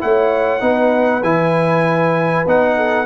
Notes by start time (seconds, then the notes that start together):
0.00 A3 E4 C#5 F#5
0.60 B3 D#4 B4
1.22 E3 E4 G#5
2.46 B3 D#4 F#5
2.76 A4